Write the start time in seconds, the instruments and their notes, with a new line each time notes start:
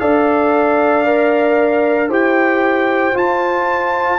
0.00 tuba D4, trombone A4, horn D5, trumpet F5
1.06 trombone A#4
2.09 tuba E4, trombone G4, horn C5, trumpet G5
3.14 trombone F4, tuba F4, trumpet A5